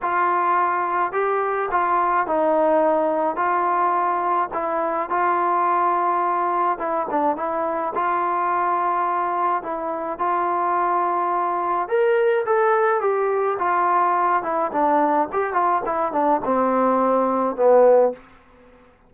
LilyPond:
\new Staff \with { instrumentName = "trombone" } { \time 4/4 \tempo 4 = 106 f'2 g'4 f'4 | dis'2 f'2 | e'4 f'2. | e'8 d'8 e'4 f'2~ |
f'4 e'4 f'2~ | f'4 ais'4 a'4 g'4 | f'4. e'8 d'4 g'8 f'8 | e'8 d'8 c'2 b4 | }